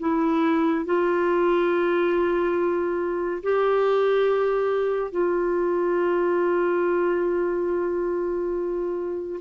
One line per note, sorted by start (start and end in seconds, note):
0.00 0.86 E4
0.86 3.43 F4
3.43 5.12 G4
5.12 9.40 F4